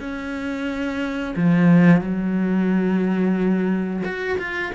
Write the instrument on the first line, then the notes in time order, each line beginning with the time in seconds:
cello
0.00 C#4
1.35 F3
2.01 F#3
4.04 F#4
4.38 F4